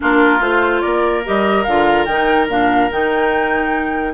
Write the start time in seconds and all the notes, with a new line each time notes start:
0.00 A#3 D4 F4 A#4
0.40 A3 F4 C5
0.81 A#3 A#4 D5
1.24 G3 G4 D#5
1.63 D3 F4 F5
2.05 D#3 D#4 G5
2.48 A#2 D4 F5
2.91 D#3 D#4 G5